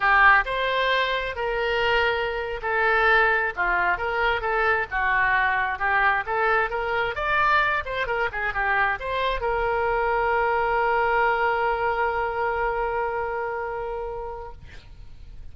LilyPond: \new Staff \with { instrumentName = "oboe" } { \time 4/4 \tempo 4 = 132 g'4 c''2 ais'4~ | ais'4.~ ais'16 a'2 f'16~ | f'8. ais'4 a'4 fis'4~ fis'16~ | fis'8. g'4 a'4 ais'4 d''16~ |
d''4~ d''16 c''8 ais'8 gis'8 g'4 c''16~ | c''8. ais'2.~ ais'16~ | ais'1~ | ais'1 | }